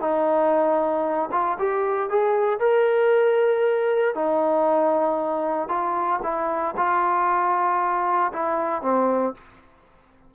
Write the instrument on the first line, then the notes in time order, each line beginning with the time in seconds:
trombone
0.00 D#4
1.32 F4
1.59 G4
2.09 G#4
2.60 A#4
4.14 D#4
5.68 F4
6.23 E4
6.77 F4
8.33 E4
8.82 C4